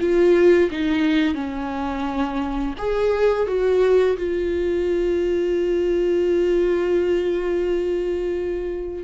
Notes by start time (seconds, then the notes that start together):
0.00 F4
0.71 D#4
1.34 C#4
2.78 G#4
3.47 F#4
4.17 F4